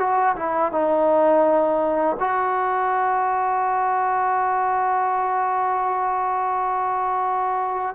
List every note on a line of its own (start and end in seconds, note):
0.00 0.36 F#4
0.36 0.73 E4
0.73 2.17 D#4
2.20 7.96 F#4